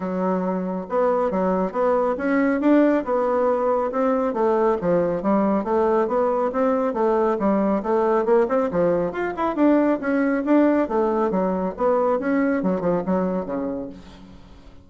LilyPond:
\new Staff \with { instrumentName = "bassoon" } { \time 4/4 \tempo 4 = 138 fis2 b4 fis4 | b4 cis'4 d'4 b4~ | b4 c'4 a4 f4 | g4 a4 b4 c'4 |
a4 g4 a4 ais8 c'8 | f4 f'8 e'8 d'4 cis'4 | d'4 a4 fis4 b4 | cis'4 fis8 f8 fis4 cis4 | }